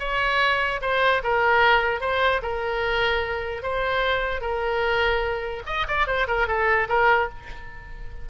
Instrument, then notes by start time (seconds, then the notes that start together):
oboe
0.00 C#5
0.82 C5
1.24 A#4
2.01 C5
2.43 A#4
3.63 C5
4.41 A#4
5.67 D#5
5.88 D5
6.07 C5
6.28 A#4
6.48 A4
6.89 A#4